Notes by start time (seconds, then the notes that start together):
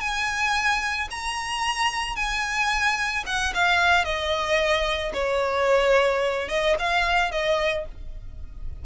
0.00 G#5
1.11 A#5
2.15 G#5
3.26 F#5
3.54 F5
4.04 D#5
5.13 C#5
6.49 D#5
6.79 F5
7.31 D#5